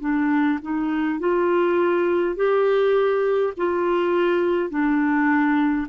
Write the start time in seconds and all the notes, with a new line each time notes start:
0.00 D4
0.61 D#4
1.19 F4
2.36 G4
3.57 F4
4.70 D4